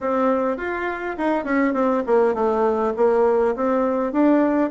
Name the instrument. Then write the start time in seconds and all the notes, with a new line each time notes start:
bassoon
0.00 C4
0.57 F4
1.17 D#4
1.44 C#4
1.73 C4
2.06 A#3
2.34 A3
2.96 A#3
3.55 C4
4.12 D4